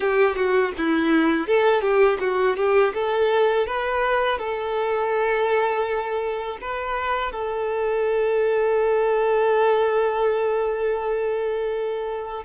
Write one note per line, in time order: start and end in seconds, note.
0.00 0.35 G4
0.35 0.72 F#4
0.77 1.47 E4
1.47 1.81 A4
1.81 2.17 G4
2.20 2.56 F#4
2.56 2.93 G4
2.94 3.67 A4
3.67 4.38 B4
4.38 6.58 A4
6.61 7.32 B4
7.32 12.44 A4